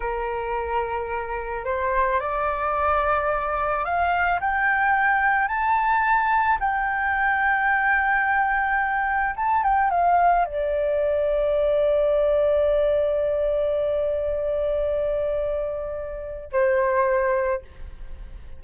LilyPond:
\new Staff \with { instrumentName = "flute" } { \time 4/4 \tempo 4 = 109 ais'2. c''4 | d''2. f''4 | g''2 a''2 | g''1~ |
g''4 a''8 g''8 f''4 d''4~ | d''1~ | d''1~ | d''2 c''2 | }